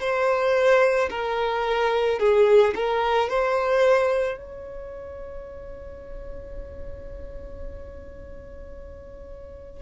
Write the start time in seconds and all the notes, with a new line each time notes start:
0.00 C5
1.10 A#4
2.20 G#4
2.75 A#4
3.29 C5
4.38 C#5